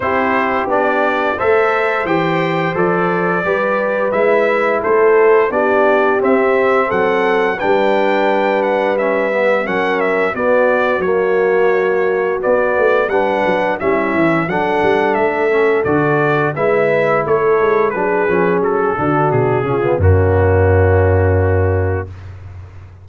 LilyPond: <<
  \new Staff \with { instrumentName = "trumpet" } { \time 4/4 \tempo 4 = 87 c''4 d''4 e''4 g''4 | d''2 e''4 c''4 | d''4 e''4 fis''4 g''4~ | g''8 fis''8 e''4 fis''8 e''8 d''4 |
cis''2 d''4 fis''4 | e''4 fis''4 e''4 d''4 | e''4 cis''4 b'4 a'4 | gis'4 fis'2. | }
  \new Staff \with { instrumentName = "horn" } { \time 4/4 g'2 c''2~ | c''4 b'2 a'4 | g'2 a'4 b'4~ | b'2 ais'4 fis'4~ |
fis'2. b'4 | e'4 a'2. | b'4 a'4 gis'4. fis'8~ | fis'8 f'8 cis'2. | }
  \new Staff \with { instrumentName = "trombone" } { \time 4/4 e'4 d'4 a'4 g'4 | a'4 g'4 e'2 | d'4 c'2 d'4~ | d'4 cis'8 b8 cis'4 b4 |
ais2 b4 d'4 | cis'4 d'4. cis'8 fis'4 | e'2 d'8 cis'4 d'8~ | d'8 cis'16 b16 ais2. | }
  \new Staff \with { instrumentName = "tuba" } { \time 4/4 c'4 b4 a4 e4 | f4 g4 gis4 a4 | b4 c'4 fis4 g4~ | g2 fis4 b4 |
fis2 b8 a8 g8 fis8 | g8 e8 fis8 g8 a4 d4 | gis4 a8 gis8 fis8 f8 fis8 d8 | b,8 cis8 fis,2. | }
>>